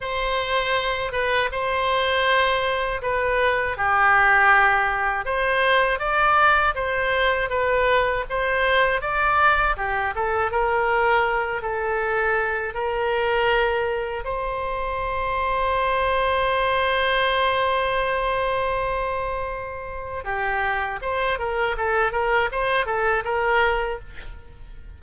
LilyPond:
\new Staff \with { instrumentName = "oboe" } { \time 4/4 \tempo 4 = 80 c''4. b'8 c''2 | b'4 g'2 c''4 | d''4 c''4 b'4 c''4 | d''4 g'8 a'8 ais'4. a'8~ |
a'4 ais'2 c''4~ | c''1~ | c''2. g'4 | c''8 ais'8 a'8 ais'8 c''8 a'8 ais'4 | }